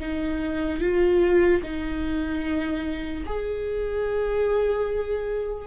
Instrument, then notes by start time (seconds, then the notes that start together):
viola
0.00 D#4
0.81 F4
1.63 D#4
3.26 G#4